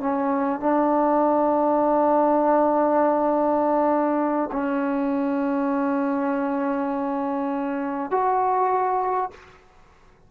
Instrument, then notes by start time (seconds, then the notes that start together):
trombone
0.00 C#4
0.60 D4
4.52 C#4
8.11 F#4